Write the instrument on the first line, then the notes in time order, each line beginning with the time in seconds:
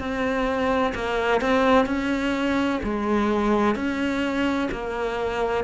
cello
0.00 C4
0.95 A#3
1.41 C4
1.86 C#4
2.84 G#3
3.76 C#4
4.72 A#3